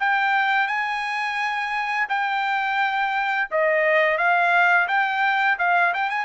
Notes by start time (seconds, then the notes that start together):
0.00 G5
0.68 G#5
2.09 G5
3.51 D#5
4.18 F5
4.88 G5
5.59 F5
5.94 G5
6.10 G#5